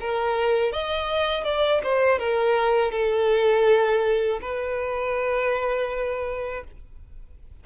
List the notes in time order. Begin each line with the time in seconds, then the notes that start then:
0.00 A#4
0.72 D#5
1.44 D5
1.83 C5
2.19 A#4
2.91 A4
4.41 B4